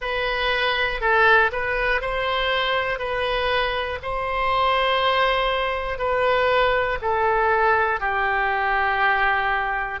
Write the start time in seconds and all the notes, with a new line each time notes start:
0.00 B4
1.00 A4
1.52 B4
2.00 C5
2.98 B4
4.02 C5
5.98 B4
7.01 A4
8.00 G4